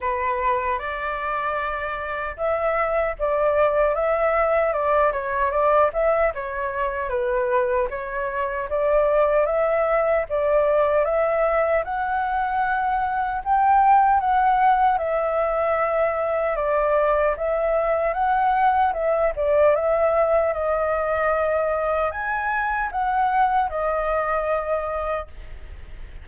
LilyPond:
\new Staff \with { instrumentName = "flute" } { \time 4/4 \tempo 4 = 76 b'4 d''2 e''4 | d''4 e''4 d''8 cis''8 d''8 e''8 | cis''4 b'4 cis''4 d''4 | e''4 d''4 e''4 fis''4~ |
fis''4 g''4 fis''4 e''4~ | e''4 d''4 e''4 fis''4 | e''8 d''8 e''4 dis''2 | gis''4 fis''4 dis''2 | }